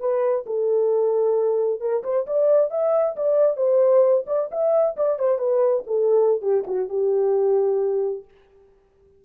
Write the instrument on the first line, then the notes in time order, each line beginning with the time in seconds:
horn
0.00 B4
0.46 A4
1.81 A#4
2.04 C5
2.27 D5
2.71 E5
3.16 D5
3.57 C5
4.27 D5
4.52 E5
4.97 D5
5.19 C5
5.39 B4
5.87 A4
6.42 G4
6.67 F#4
6.89 G4